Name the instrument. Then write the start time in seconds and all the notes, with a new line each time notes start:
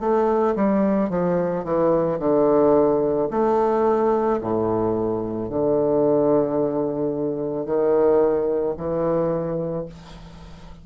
bassoon
0.00 A3
0.55 G3
1.10 F3
1.64 E3
2.19 D3
3.31 A3
4.41 A2
5.49 D3
7.66 D#3
8.77 E3